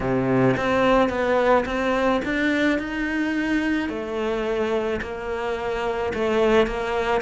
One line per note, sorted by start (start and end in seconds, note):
0.00 0.55 C3
0.57 1.09 C4
1.09 1.64 B3
1.65 2.21 C4
2.24 2.79 D4
2.79 3.89 D#4
3.89 5.00 A3
5.02 6.13 A#3
6.14 6.66 A3
6.66 7.21 A#3